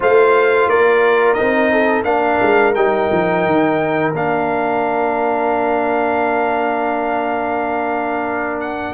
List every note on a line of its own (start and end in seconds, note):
0.00 0.68 A3
0.00 1.37 F4
0.00 0.69 C5
0.00 0.69 F5
0.68 1.37 A#3
0.68 1.72 A#4
0.68 1.33 D5
1.33 2.04 D#4
1.33 2.02 D#5
1.40 2.04 C4
1.72 2.06 A4
2.04 2.38 A#3
2.04 2.73 D4
2.04 8.93 A#4
2.04 2.73 F5
2.41 2.75 G#3
2.74 3.10 G3
2.74 4.14 D#4
2.74 4.12 G5
3.11 3.45 F3
3.45 4.13 D#3
4.13 8.93 A#3
4.13 8.93 D4
4.13 8.60 F5
8.60 8.93 F#5